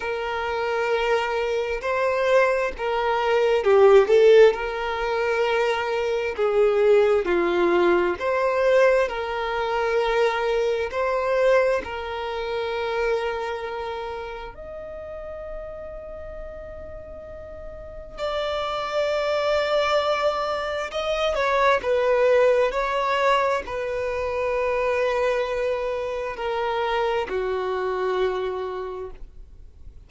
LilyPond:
\new Staff \with { instrumentName = "violin" } { \time 4/4 \tempo 4 = 66 ais'2 c''4 ais'4 | g'8 a'8 ais'2 gis'4 | f'4 c''4 ais'2 | c''4 ais'2. |
dis''1 | d''2. dis''8 cis''8 | b'4 cis''4 b'2~ | b'4 ais'4 fis'2 | }